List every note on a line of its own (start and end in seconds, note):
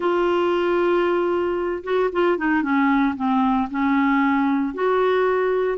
0.00 1.83 F4
1.83 2.10 F#4
2.12 2.37 F4
2.37 2.62 D#4
2.62 3.14 C#4
3.16 3.68 C4
3.70 4.74 C#4
4.74 5.78 F#4